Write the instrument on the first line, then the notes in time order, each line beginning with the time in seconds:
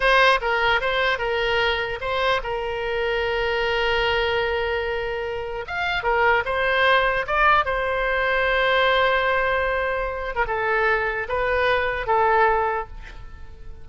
oboe
0.00 C5
0.41 A#4
0.80 C5
1.18 A#4
2.00 C5
2.43 A#4
5.67 F5
6.03 A#4
6.45 C5
7.26 D5
7.65 C5
10.35 A#4
10.47 A4
11.28 B4
12.07 A4